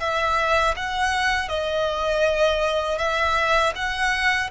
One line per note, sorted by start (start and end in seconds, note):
0.00 0.75 E5
0.77 1.49 F#5
1.49 2.98 D#5
2.98 3.73 E5
3.76 4.51 F#5